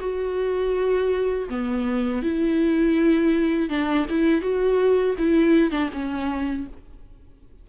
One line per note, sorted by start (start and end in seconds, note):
0.00 1.48 F#4
1.49 2.22 B3
2.22 3.69 E4
3.69 4.06 D4
4.09 4.41 E4
4.41 5.15 F#4
5.18 5.71 E4
5.71 5.89 D4
5.93 6.67 C#4